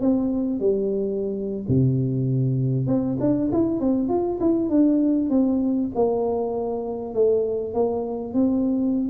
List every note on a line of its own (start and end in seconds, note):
0.00 0.60 C4
0.60 1.66 G3
1.68 2.87 C3
2.87 3.17 C4
3.20 3.50 D4
3.52 3.80 E4
3.80 4.08 C4
4.08 4.39 F4
4.40 4.69 E4
4.69 5.29 D4
5.29 5.90 C4
5.95 7.14 A#3
7.14 7.73 A3
7.73 8.33 A#3
8.33 9.09 C4